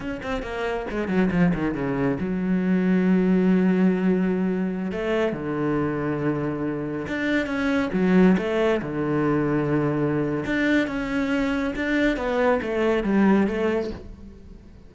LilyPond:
\new Staff \with { instrumentName = "cello" } { \time 4/4 \tempo 4 = 138 cis'8 c'8 ais4 gis8 fis8 f8 dis8 | cis4 fis2.~ | fis2.~ fis16 a8.~ | a16 d2.~ d8.~ |
d16 d'4 cis'4 fis4 a8.~ | a16 d2.~ d8. | d'4 cis'2 d'4 | b4 a4 g4 a4 | }